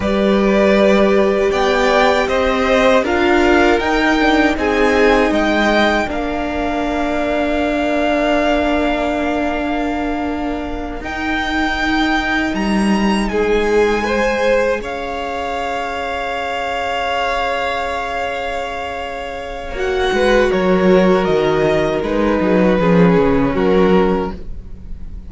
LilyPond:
<<
  \new Staff \with { instrumentName = "violin" } { \time 4/4 \tempo 4 = 79 d''2 g''4 dis''4 | f''4 g''4 gis''4 g''4 | f''1~ | f''2~ f''8 g''4.~ |
g''8 ais''4 gis''2 f''8~ | f''1~ | f''2 fis''4 cis''4 | dis''4 b'2 ais'4 | }
  \new Staff \with { instrumentName = "violin" } { \time 4/4 b'2 d''4 c''4 | ais'2 gis'4 dis''4 | ais'1~ | ais'1~ |
ais'4. gis'4 c''4 cis''8~ | cis''1~ | cis''2~ cis''8 b'8 ais'4~ | ais'4. gis'16 fis'16 gis'4 fis'4 | }
  \new Staff \with { instrumentName = "viola" } { \time 4/4 g'1 | f'4 dis'8 d'8 dis'2 | d'1~ | d'2~ d'8 dis'4.~ |
dis'2~ dis'8 gis'4.~ | gis'1~ | gis'2 fis'2~ | fis'4 dis'4 cis'2 | }
  \new Staff \with { instrumentName = "cello" } { \time 4/4 g2 b4 c'4 | d'4 dis'4 c'4 gis4 | ais1~ | ais2~ ais8 dis'4.~ |
dis'8 g4 gis2 cis'8~ | cis'1~ | cis'2 ais8 gis8 fis4 | dis4 gis8 fis8 f8 cis8 fis4 | }
>>